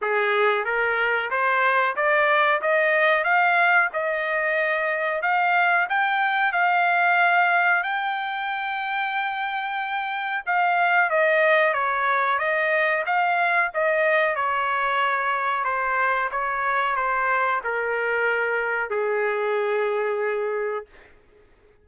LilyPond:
\new Staff \with { instrumentName = "trumpet" } { \time 4/4 \tempo 4 = 92 gis'4 ais'4 c''4 d''4 | dis''4 f''4 dis''2 | f''4 g''4 f''2 | g''1 |
f''4 dis''4 cis''4 dis''4 | f''4 dis''4 cis''2 | c''4 cis''4 c''4 ais'4~ | ais'4 gis'2. | }